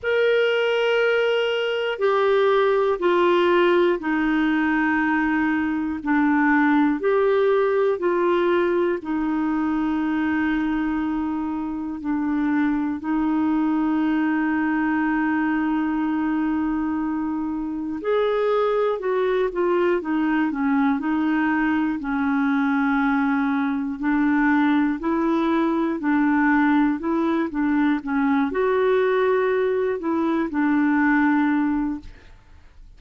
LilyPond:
\new Staff \with { instrumentName = "clarinet" } { \time 4/4 \tempo 4 = 60 ais'2 g'4 f'4 | dis'2 d'4 g'4 | f'4 dis'2. | d'4 dis'2.~ |
dis'2 gis'4 fis'8 f'8 | dis'8 cis'8 dis'4 cis'2 | d'4 e'4 d'4 e'8 d'8 | cis'8 fis'4. e'8 d'4. | }